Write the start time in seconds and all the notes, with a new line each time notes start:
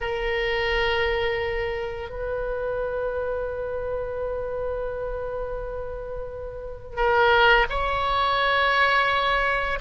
0.01 A#4
2.09 B4
6.96 A#4
7.69 C#5